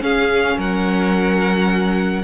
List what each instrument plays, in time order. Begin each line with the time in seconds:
0.00 viola C#4, cello C#4, violin G#4 F5
0.58 cello F#3, violin A#4 F#5